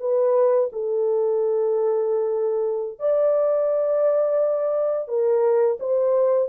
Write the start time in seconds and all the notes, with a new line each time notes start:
0.00 B4
0.73 A4
2.99 D5
5.08 A#4
5.80 C5